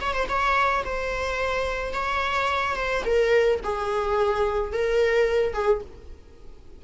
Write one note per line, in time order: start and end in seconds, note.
0.00 0.13 C#5
0.13 0.27 C5
0.28 0.84 C#5
0.84 1.93 C5
1.93 2.76 C#5
2.76 3.03 C5
3.05 3.60 A#4
3.63 4.72 G#4
4.72 5.53 A#4
5.53 5.81 G#4